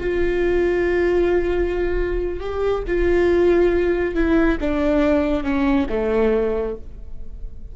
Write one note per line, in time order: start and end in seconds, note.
0.00 2.40 F4
2.40 2.83 G4
2.87 4.15 F4
4.15 4.58 E4
4.60 5.43 D4
5.43 5.87 C#4
5.89 6.76 A3